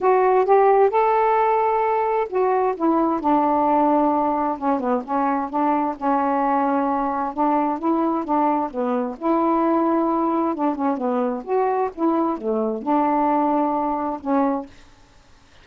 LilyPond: \new Staff \with { instrumentName = "saxophone" } { \time 4/4 \tempo 4 = 131 fis'4 g'4 a'2~ | a'4 fis'4 e'4 d'4~ | d'2 cis'8 b8 cis'4 | d'4 cis'2. |
d'4 e'4 d'4 b4 | e'2. d'8 cis'8 | b4 fis'4 e'4 a4 | d'2. cis'4 | }